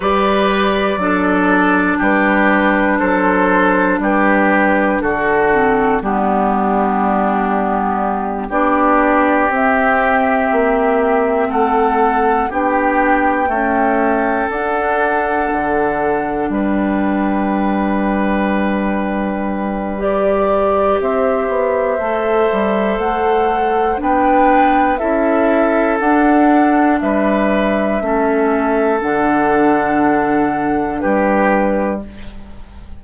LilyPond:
<<
  \new Staff \with { instrumentName = "flute" } { \time 4/4 \tempo 4 = 60 d''2 b'4 c''4 | b'4 a'4 g'2~ | g'8 d''4 e''2 fis''8~ | fis''8 g''2 fis''4.~ |
fis''8 g''2.~ g''8 | d''4 e''2 fis''4 | g''4 e''4 fis''4 e''4~ | e''4 fis''2 b'4 | }
  \new Staff \with { instrumentName = "oboe" } { \time 4/4 b'4 a'4 g'4 a'4 | g'4 fis'4 d'2~ | d'8 g'2. a'8~ | a'8 g'4 a'2~ a'8~ |
a'8 b'2.~ b'8~ | b'4 c''2. | b'4 a'2 b'4 | a'2. g'4 | }
  \new Staff \with { instrumentName = "clarinet" } { \time 4/4 g'4 d'2.~ | d'4. c'8 b2~ | b8 d'4 c'2~ c'8~ | c'8 d'4 a4 d'4.~ |
d'1 | g'2 a'2 | d'4 e'4 d'2 | cis'4 d'2. | }
  \new Staff \with { instrumentName = "bassoon" } { \time 4/4 g4 fis4 g4 fis4 | g4 d4 g2~ | g8 b4 c'4 ais4 a8~ | a8 b4 cis'4 d'4 d8~ |
d8 g2.~ g8~ | g4 c'8 b8 a8 g8 a4 | b4 cis'4 d'4 g4 | a4 d2 g4 | }
>>